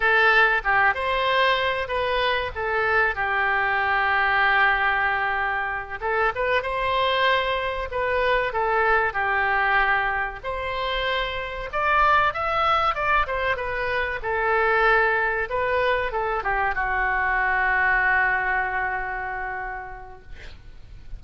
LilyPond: \new Staff \with { instrumentName = "oboe" } { \time 4/4 \tempo 4 = 95 a'4 g'8 c''4. b'4 | a'4 g'2.~ | g'4. a'8 b'8 c''4.~ | c''8 b'4 a'4 g'4.~ |
g'8 c''2 d''4 e''8~ | e''8 d''8 c''8 b'4 a'4.~ | a'8 b'4 a'8 g'8 fis'4.~ | fis'1 | }